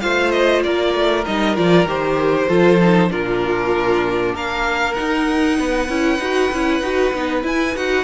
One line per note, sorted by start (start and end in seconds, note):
0.00 0.65 A3
0.00 1.25 F4
0.00 0.64 C5
0.00 0.31 F5
0.31 0.62 D#5
0.63 0.94 A#3
0.63 2.48 A#4
0.63 1.25 D5
0.94 1.25 A3
1.25 1.58 G3
1.25 1.56 D#4
1.25 1.56 D#5
1.56 1.85 F3
1.56 1.86 F4
1.56 1.88 D5
1.85 2.47 D#3
1.85 2.49 G4
1.85 3.11 C5
2.48 3.12 F3
2.48 2.80 F4
2.48 3.10 A4
2.81 3.09 D#4
3.09 4.35 A#2
3.09 4.94 D4
3.09 4.34 F4
3.09 4.35 A#4
4.34 4.97 A#3
4.34 5.57 A#4
4.34 4.94 F5
4.94 5.88 D#4
4.94 5.60 D#4
4.94 7.41 F#5
5.59 5.89 B3
5.59 8.04 B4
5.89 6.19 C#4
5.89 6.20 E4
6.19 6.50 D#4
6.19 6.52 F#4
6.52 6.81 C#4
6.52 6.83 E4
6.81 7.12 D#4
6.81 7.14 F#4
7.14 7.44 B3
7.14 7.42 D#4
7.42 7.73 E4
7.42 7.75 E4
7.42 7.77 G#5
7.76 8.04 D#4
7.76 8.04 F#4
7.76 8.04 F#5